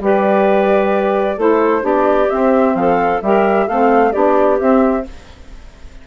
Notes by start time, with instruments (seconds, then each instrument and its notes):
0.00 bassoon G3, saxophone G4, clarinet B4, flute D5
1.37 bassoon A3, saxophone E4, clarinet A4, flute C5
1.81 bassoon B3, saxophone D4, clarinet G4, flute D5
2.29 saxophone C4, bassoon C4, flute E5
2.75 bassoon F3, clarinet A4, flute F5
3.22 bassoon G3, saxophone G4, clarinet A#4, flute E5
3.66 bassoon A3, saxophone C4, clarinet A4, flute F5
4.12 bassoon B3, saxophone D4, clarinet G4, flute D5
4.60 saxophone C4, bassoon C4, flute E5